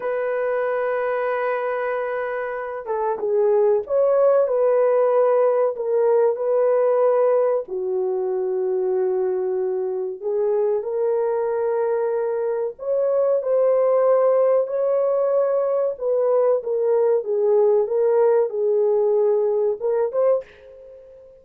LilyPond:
\new Staff \with { instrumentName = "horn" } { \time 4/4 \tempo 4 = 94 b'1~ | b'8 a'8 gis'4 cis''4 b'4~ | b'4 ais'4 b'2 | fis'1 |
gis'4 ais'2. | cis''4 c''2 cis''4~ | cis''4 b'4 ais'4 gis'4 | ais'4 gis'2 ais'8 c''8 | }